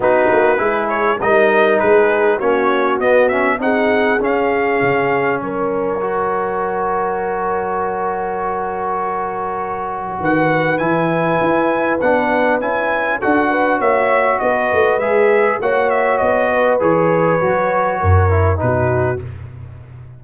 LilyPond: <<
  \new Staff \with { instrumentName = "trumpet" } { \time 4/4 \tempo 4 = 100 b'4. cis''8 dis''4 b'4 | cis''4 dis''8 e''8 fis''4 f''4~ | f''4 cis''2.~ | cis''1~ |
cis''4 fis''4 gis''2 | fis''4 gis''4 fis''4 e''4 | dis''4 e''4 fis''8 e''8 dis''4 | cis''2. b'4 | }
  \new Staff \with { instrumentName = "horn" } { \time 4/4 fis'4 gis'4 ais'4 gis'4 | fis'2 gis'2~ | gis'4 ais'2.~ | ais'1~ |
ais'4 b'2.~ | b'2 a'8 b'8 cis''4 | b'2 cis''4. b'8~ | b'2 ais'4 fis'4 | }
  \new Staff \with { instrumentName = "trombone" } { \time 4/4 dis'4 e'4 dis'2 | cis'4 b8 cis'8 dis'4 cis'4~ | cis'2 fis'2~ | fis'1~ |
fis'2 e'2 | d'4 e'4 fis'2~ | fis'4 gis'4 fis'2 | gis'4 fis'4. e'8 dis'4 | }
  \new Staff \with { instrumentName = "tuba" } { \time 4/4 b8 ais8 gis4 g4 gis4 | ais4 b4 c'4 cis'4 | cis4 fis2.~ | fis1~ |
fis4 dis4 e4 e'4 | b4 cis'4 d'4 ais4 | b8 a8 gis4 ais4 b4 | e4 fis4 fis,4 b,4 | }
>>